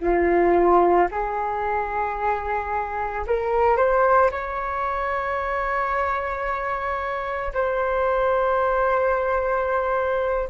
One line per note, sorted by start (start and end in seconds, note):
0.00 1.07 F4
1.11 3.25 G#4
3.27 3.76 A#4
3.76 4.30 C5
4.31 7.52 C#5
7.53 10.48 C5